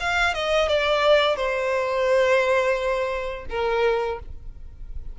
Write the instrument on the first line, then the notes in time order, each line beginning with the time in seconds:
violin
0.00 F5
0.34 D#5
0.68 D5
1.36 C5
3.49 A#4